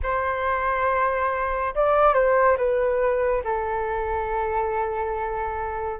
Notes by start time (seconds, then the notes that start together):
0.02 C5
1.74 D5
2.14 C5
2.57 B4
3.44 A4